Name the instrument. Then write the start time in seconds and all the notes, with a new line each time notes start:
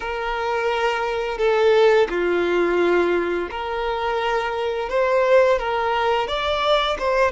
violin
0.00 A#4
1.38 A4
2.09 F4
3.50 A#4
4.89 C5
5.58 A#4
6.27 D5
6.99 C5